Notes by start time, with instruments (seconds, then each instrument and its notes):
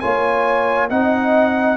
0.00 tuba A#3, trombone F4, horn C#5, trumpet G#5
0.90 tuba C4, trombone D#4, horn D#5, trumpet F#5